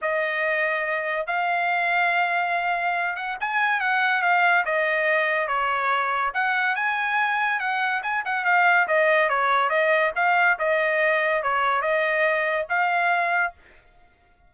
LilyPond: \new Staff \with { instrumentName = "trumpet" } { \time 4/4 \tempo 4 = 142 dis''2. f''4~ | f''2.~ f''8 fis''8 | gis''4 fis''4 f''4 dis''4~ | dis''4 cis''2 fis''4 |
gis''2 fis''4 gis''8 fis''8 | f''4 dis''4 cis''4 dis''4 | f''4 dis''2 cis''4 | dis''2 f''2 | }